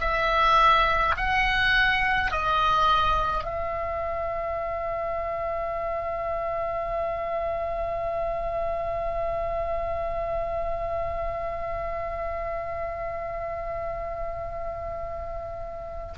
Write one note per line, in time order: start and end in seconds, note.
0.00 1.15 E5
1.16 2.31 F#5
2.31 3.44 D#5
3.44 16.13 E5